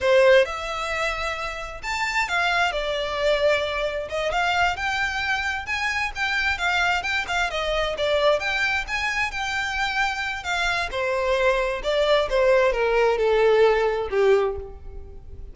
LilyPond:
\new Staff \with { instrumentName = "violin" } { \time 4/4 \tempo 4 = 132 c''4 e''2. | a''4 f''4 d''2~ | d''4 dis''8 f''4 g''4.~ | g''8 gis''4 g''4 f''4 g''8 |
f''8 dis''4 d''4 g''4 gis''8~ | gis''8 g''2~ g''8 f''4 | c''2 d''4 c''4 | ais'4 a'2 g'4 | }